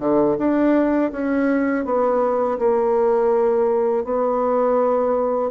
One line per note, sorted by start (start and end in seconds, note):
0.00 0.37 D3
0.39 1.12 D4
1.12 1.85 C#4
1.85 2.58 B3
2.59 4.04 A#3
4.04 5.51 B3